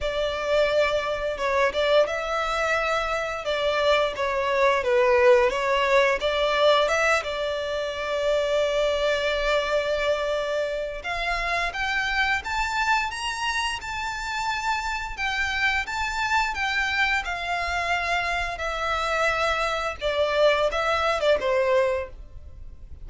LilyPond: \new Staff \with { instrumentName = "violin" } { \time 4/4 \tempo 4 = 87 d''2 cis''8 d''8 e''4~ | e''4 d''4 cis''4 b'4 | cis''4 d''4 e''8 d''4.~ | d''1 |
f''4 g''4 a''4 ais''4 | a''2 g''4 a''4 | g''4 f''2 e''4~ | e''4 d''4 e''8. d''16 c''4 | }